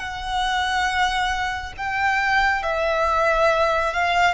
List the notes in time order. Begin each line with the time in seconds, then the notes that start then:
0.00 F#5
1.78 G5
2.63 E5
3.94 F5